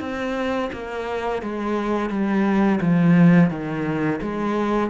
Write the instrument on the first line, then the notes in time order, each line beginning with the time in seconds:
cello
0.00 C4
0.72 A#3
1.42 G#3
2.09 G3
2.81 F3
3.50 D#3
4.21 G#3